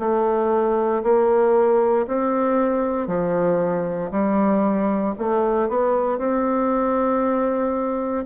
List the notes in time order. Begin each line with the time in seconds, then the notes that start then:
0.00 A3
1.03 A#3
2.07 C4
3.08 F3
4.11 G3
5.19 A3
5.69 B3
6.19 C4